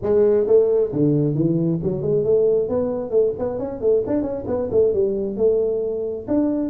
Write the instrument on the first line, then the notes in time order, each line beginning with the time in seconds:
tuba
0.02 G#3
0.46 A3
0.92 D3
1.34 E3
1.82 F#3
2.01 G#3
2.23 A3
2.68 B3
3.10 A3
3.38 B3
3.59 C#4
3.80 A3
4.06 D4
4.22 C#4
4.47 B3
4.71 A3
4.93 G3
5.36 A3
6.27 D4